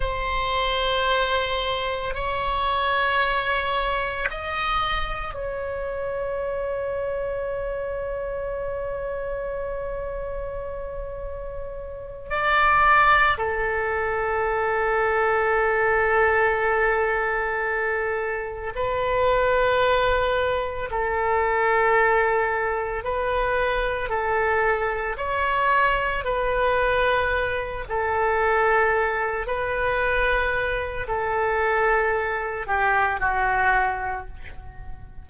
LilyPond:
\new Staff \with { instrumentName = "oboe" } { \time 4/4 \tempo 4 = 56 c''2 cis''2 | dis''4 cis''2.~ | cis''2.~ cis''8 d''8~ | d''8 a'2.~ a'8~ |
a'4. b'2 a'8~ | a'4. b'4 a'4 cis''8~ | cis''8 b'4. a'4. b'8~ | b'4 a'4. g'8 fis'4 | }